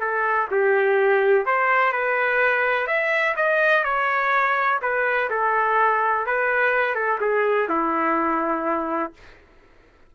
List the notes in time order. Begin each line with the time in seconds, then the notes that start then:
0.00 A4
0.51 G4
1.46 C5
1.92 B4
2.87 E5
3.36 D#5
3.84 C#5
4.82 B4
5.30 A4
6.26 B4
6.95 A4
7.20 G#4
7.69 E4